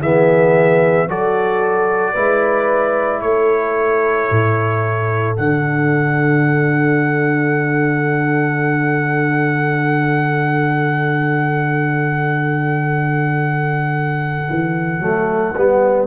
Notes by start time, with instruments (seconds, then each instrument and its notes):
0.00 tuba E3, trombone B3, horn G#4, trumpet E5
1.07 tuba F#3, trombone F#4, horn A4, trumpet D5
2.13 tuba G#3, trombone E4, horn B4
3.21 tuba A3, horn A4, trumpet C#5
4.30 tuba A2
5.37 tuba D3, trombone D4, trumpet F#5
14.49 tuba E3
14.99 tuba F#3, trombone A3
15.55 tuba G3, trombone B3